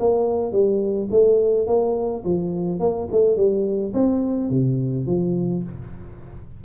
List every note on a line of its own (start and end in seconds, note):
0.00 0.52 A#3
0.52 1.09 G3
1.11 1.67 A3
1.67 2.24 A#3
2.25 2.80 F3
2.80 3.08 A#3
3.12 3.37 A3
3.37 3.93 G3
3.94 4.51 C4
4.51 5.07 C3
5.07 5.64 F3